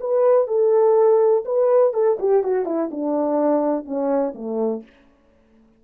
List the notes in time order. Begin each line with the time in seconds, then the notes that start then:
0.00 B4
0.47 A4
1.45 B4
1.93 A4
2.19 G4
2.43 F#4
2.65 E4
2.91 D4
3.85 C#4
4.34 A3